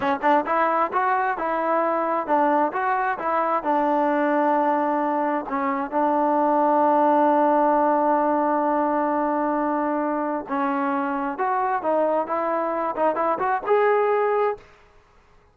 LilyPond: \new Staff \with { instrumentName = "trombone" } { \time 4/4 \tempo 4 = 132 cis'8 d'8 e'4 fis'4 e'4~ | e'4 d'4 fis'4 e'4 | d'1 | cis'4 d'2.~ |
d'1~ | d'2. cis'4~ | cis'4 fis'4 dis'4 e'4~ | e'8 dis'8 e'8 fis'8 gis'2 | }